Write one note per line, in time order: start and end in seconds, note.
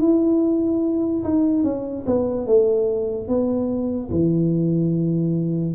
0.00 1.23 E4
1.24 1.63 D#4
1.63 2.04 C#4
2.06 2.46 B3
2.46 3.28 A3
3.28 4.10 B3
4.10 5.74 E3